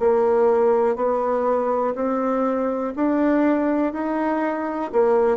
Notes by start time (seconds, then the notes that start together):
0.00 A#3
0.96 B3
1.95 C4
2.96 D4
3.93 D#4
4.92 A#3